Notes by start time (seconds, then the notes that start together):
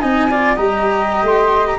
0.00 C4 D#4 D#5 G#5
0.30 F4 D5
0.55 G3 G4 D#5 A#5
1.23 A3 C6
1.67 A#5